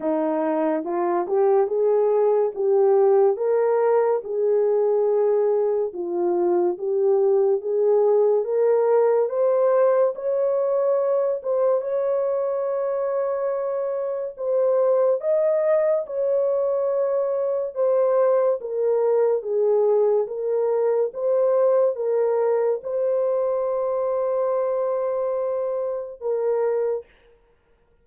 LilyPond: \new Staff \with { instrumentName = "horn" } { \time 4/4 \tempo 4 = 71 dis'4 f'8 g'8 gis'4 g'4 | ais'4 gis'2 f'4 | g'4 gis'4 ais'4 c''4 | cis''4. c''8 cis''2~ |
cis''4 c''4 dis''4 cis''4~ | cis''4 c''4 ais'4 gis'4 | ais'4 c''4 ais'4 c''4~ | c''2. ais'4 | }